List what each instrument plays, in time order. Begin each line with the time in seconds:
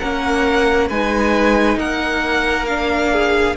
0.00 cello A#3, viola C#4, violin A#4 F#5
0.88 cello G#3, viola D#4, violin B4 G#5
1.77 cello A#3, violin A#4 F#5
2.67 viola D4, violin F5
3.13 violin G#4